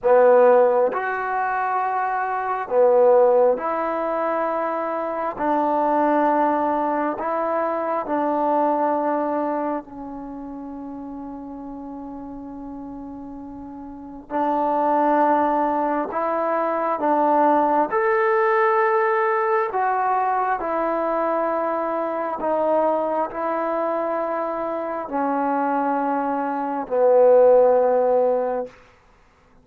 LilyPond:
\new Staff \with { instrumentName = "trombone" } { \time 4/4 \tempo 4 = 67 b4 fis'2 b4 | e'2 d'2 | e'4 d'2 cis'4~ | cis'1 |
d'2 e'4 d'4 | a'2 fis'4 e'4~ | e'4 dis'4 e'2 | cis'2 b2 | }